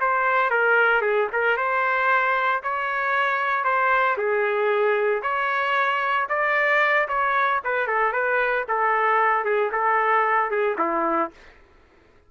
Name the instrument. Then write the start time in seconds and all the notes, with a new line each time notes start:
trumpet
0.00 C5
0.50 A#4
1.01 G#4
1.32 A#4
1.56 C5
2.63 C#5
3.64 C5
4.17 G#4
5.22 C#5
6.28 D5
7.08 C#5
7.64 B4
7.87 A4
8.12 B4
8.68 A4
9.44 G#4
9.72 A4
10.50 G#4
10.78 E4